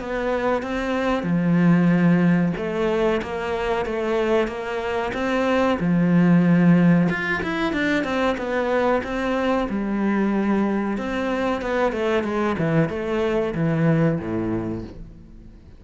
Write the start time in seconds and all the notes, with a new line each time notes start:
0.00 B3
0.62 C4
1.23 F3
2.57 A3
3.22 A#3
3.86 A3
4.47 A#3
5.13 C4
5.79 F3
7.09 F4
7.43 E4
7.73 D4
8.04 C4
8.38 B3
9.04 C4
9.69 G3
10.97 C4
11.61 B3
11.92 A3
12.23 G#3
12.58 E3
12.89 A3
13.55 E3
14.19 A2